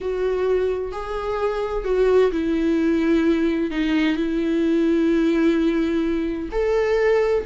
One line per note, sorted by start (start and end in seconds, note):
0.00 0.92 F#4
0.92 1.84 G#4
1.84 2.31 F#4
2.31 3.71 E4
3.71 4.16 D#4
4.16 6.49 E4
6.51 7.44 A4